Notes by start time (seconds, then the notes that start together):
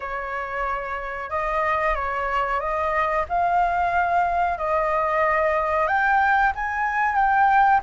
0.00 C#5
1.30 D#5
1.95 C#5
2.60 D#5
3.28 F5
4.58 D#5
5.87 G5
6.55 G#5
7.15 G5